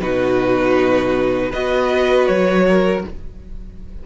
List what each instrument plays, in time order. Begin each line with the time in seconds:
0.00 cello B2, viola D#4, violin F#4 B4
1.50 cello B3, viola F#4, violin B4 D#5
2.27 cello F#3, violin C#5
2.68 violin A#4